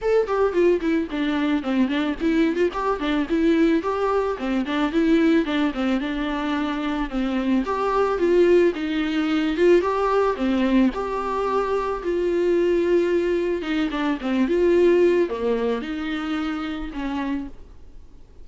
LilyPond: \new Staff \with { instrumentName = "viola" } { \time 4/4 \tempo 4 = 110 a'8 g'8 f'8 e'8 d'4 c'8 d'8 | e'8. f'16 g'8 d'8 e'4 g'4 | c'8 d'8 e'4 d'8 c'8 d'4~ | d'4 c'4 g'4 f'4 |
dis'4. f'8 g'4 c'4 | g'2 f'2~ | f'4 dis'8 d'8 c'8 f'4. | ais4 dis'2 cis'4 | }